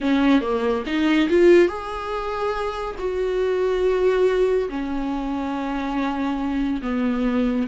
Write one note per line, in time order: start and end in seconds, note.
0.01 0.41 C#4
0.41 0.83 A#3
0.86 1.29 D#4
1.29 1.68 F4
1.68 2.95 G#4
2.98 4.68 F#4
4.69 6.81 C#4
6.82 7.67 B3